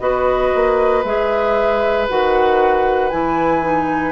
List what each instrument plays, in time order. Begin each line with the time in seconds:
0.00 bassoon B3, clarinet F#4, oboe B4, flute D#5
0.55 bassoon A#3
1.04 bassoon G#3, clarinet G#4, flute E5
2.09 bassoon D#3, clarinet F#4, flute F#5
3.10 bassoon E3, clarinet E4, flute G#5
3.62 clarinet D#4